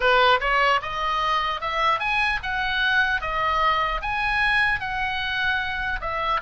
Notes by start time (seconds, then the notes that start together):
0.00 B4
0.40 C#5
0.81 D#5
1.60 E5
1.99 G#5
2.42 F#5
3.21 D#5
4.01 G#5
4.80 F#5
6.00 E5